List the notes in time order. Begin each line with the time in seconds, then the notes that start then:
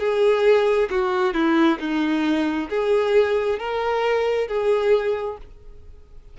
0.00 G#4
0.90 F#4
1.34 E4
1.80 D#4
2.69 G#4
3.59 A#4
4.48 G#4